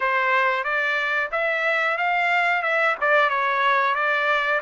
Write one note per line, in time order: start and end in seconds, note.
0.00 0.64 C5
0.64 1.30 D5
1.31 1.97 E5
1.97 2.62 F5
2.62 2.95 E5
3.00 3.29 D5
3.29 3.94 C#5
3.94 4.60 D5